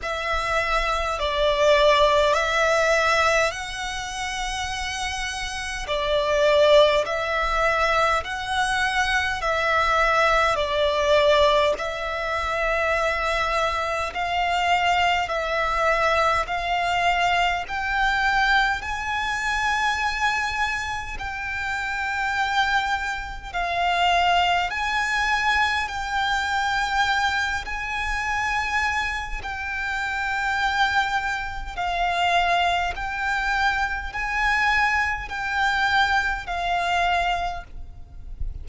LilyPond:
\new Staff \with { instrumentName = "violin" } { \time 4/4 \tempo 4 = 51 e''4 d''4 e''4 fis''4~ | fis''4 d''4 e''4 fis''4 | e''4 d''4 e''2 | f''4 e''4 f''4 g''4 |
gis''2 g''2 | f''4 gis''4 g''4. gis''8~ | gis''4 g''2 f''4 | g''4 gis''4 g''4 f''4 | }